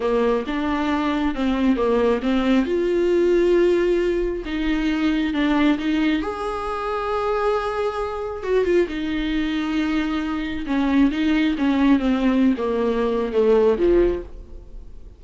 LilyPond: \new Staff \with { instrumentName = "viola" } { \time 4/4 \tempo 4 = 135 ais4 d'2 c'4 | ais4 c'4 f'2~ | f'2 dis'2 | d'4 dis'4 gis'2~ |
gis'2. fis'8 f'8 | dis'1 | cis'4 dis'4 cis'4 c'4~ | c'16 ais4.~ ais16 a4 f4 | }